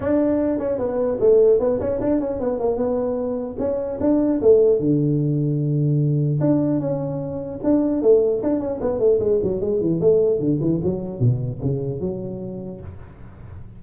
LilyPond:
\new Staff \with { instrumentName = "tuba" } { \time 4/4 \tempo 4 = 150 d'4. cis'8 b4 a4 | b8 cis'8 d'8 cis'8 b8 ais8 b4~ | b4 cis'4 d'4 a4 | d1 |
d'4 cis'2 d'4 | a4 d'8 cis'8 b8 a8 gis8 fis8 | gis8 e8 a4 d8 e8 fis4 | b,4 cis4 fis2 | }